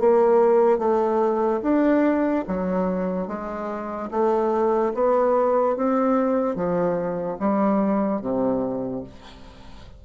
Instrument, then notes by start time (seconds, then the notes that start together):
bassoon
0.00 A#3
0.78 A3
1.63 D4
2.48 F#3
3.28 G#3
4.11 A3
4.94 B3
5.76 C4
6.56 F3
7.39 G3
8.21 C3